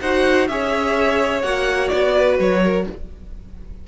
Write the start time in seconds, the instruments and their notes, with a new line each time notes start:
0.00 cello D#4, viola F#4, violin C5 F#5
0.48 cello C#4, viola G#4, violin C#5 E5
1.42 cello A#3, viola F#4, violin F#5
1.88 cello B3, violin D5
2.14 violin B4
2.38 cello F#3, violin C#5
2.63 violin A#4